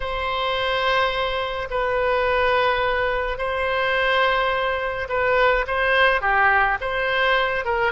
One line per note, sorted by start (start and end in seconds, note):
0.00 1.68 C5
1.70 3.38 B4
3.38 5.07 C5
5.08 5.65 B4
5.67 6.21 C5
6.21 6.78 G4
6.81 7.64 C5
7.64 7.92 A#4